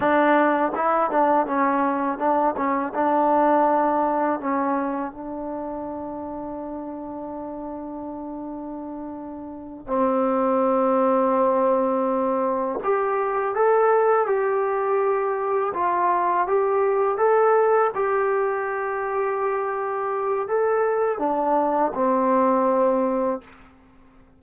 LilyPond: \new Staff \with { instrumentName = "trombone" } { \time 4/4 \tempo 4 = 82 d'4 e'8 d'8 cis'4 d'8 cis'8 | d'2 cis'4 d'4~ | d'1~ | d'4. c'2~ c'8~ |
c'4. g'4 a'4 g'8~ | g'4. f'4 g'4 a'8~ | a'8 g'2.~ g'8 | a'4 d'4 c'2 | }